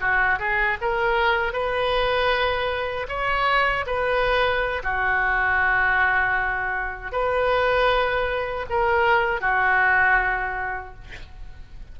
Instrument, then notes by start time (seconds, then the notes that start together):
oboe
0.00 F#4
0.39 G#4
0.81 A#4
1.52 B4
3.08 C#5
3.86 B4
4.83 F#4
7.12 B4
8.69 A#4
9.40 F#4